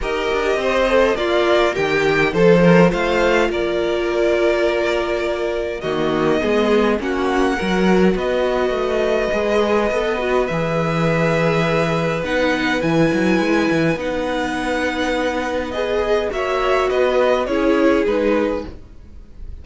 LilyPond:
<<
  \new Staff \with { instrumentName = "violin" } { \time 4/4 \tempo 4 = 103 dis''2 d''4 g''4 | c''4 f''4 d''2~ | d''2 dis''2 | fis''2 dis''2~ |
dis''2 e''2~ | e''4 fis''4 gis''2 | fis''2. dis''4 | e''4 dis''4 cis''4 b'4 | }
  \new Staff \with { instrumentName = "violin" } { \time 4/4 ais'4 c''4 f'4 g'4 | a'8 ais'8 c''4 ais'2~ | ais'2 fis'4 gis'4 | fis'4 ais'4 b'2~ |
b'1~ | b'1~ | b'1 | cis''4 b'4 gis'2 | }
  \new Staff \with { instrumentName = "viola" } { \time 4/4 g'4. a'8 ais'2 | a'4 f'2.~ | f'2 ais4 b4 | cis'4 fis'2. |
gis'4 a'8 fis'8 gis'2~ | gis'4 dis'4 e'2 | dis'2. gis'4 | fis'2 e'4 dis'4 | }
  \new Staff \with { instrumentName = "cello" } { \time 4/4 dis'8 d'8 c'4 ais4 dis4 | f4 a4 ais2~ | ais2 dis4 gis4 | ais4 fis4 b4 a4 |
gis4 b4 e2~ | e4 b4 e8 fis8 gis8 e8 | b1 | ais4 b4 cis'4 gis4 | }
>>